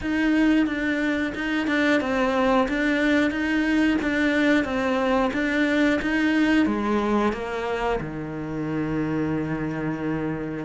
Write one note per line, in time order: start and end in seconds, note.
0.01 0.66 D#4
0.66 1.33 D4
1.35 1.67 D#4
1.67 2.00 D4
2.01 2.67 C4
2.68 3.30 D4
3.30 3.97 D#4
4.02 4.64 D4
4.64 5.31 C4
5.33 6.00 D4
6.02 6.65 D#4
6.65 7.32 G#3
7.32 7.99 A#3
8.00 10.65 D#3